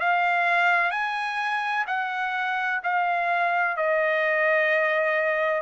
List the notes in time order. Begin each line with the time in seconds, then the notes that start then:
0.00 F5
0.91 G#5
1.87 F#5
2.83 F5
3.77 D#5